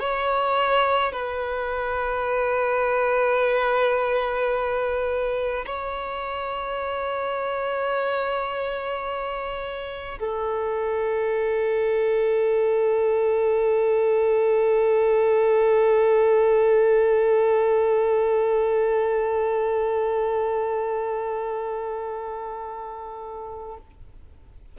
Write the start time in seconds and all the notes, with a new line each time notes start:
0.00 C#5
1.13 B4
5.66 C#5
10.19 A4